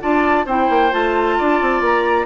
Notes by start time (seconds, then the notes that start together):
0.00 D4 F4 D5 A5
0.45 C4 E4 C5 G5
0.69 A#3
0.91 A3 F4 A5
1.38 D4 D5
1.61 C4
1.80 A#3 A#5